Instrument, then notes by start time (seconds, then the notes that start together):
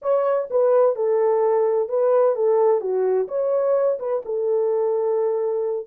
horn
0.01 C#5
0.50 B4
0.95 A4
1.89 B4
2.35 A4
2.80 F#4
3.28 C#5
3.99 B4
4.25 A4